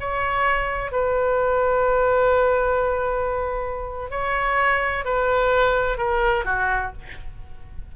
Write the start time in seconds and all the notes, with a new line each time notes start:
0.00 C#5
0.91 B4
4.10 C#5
5.05 B4
5.97 A#4
6.45 F#4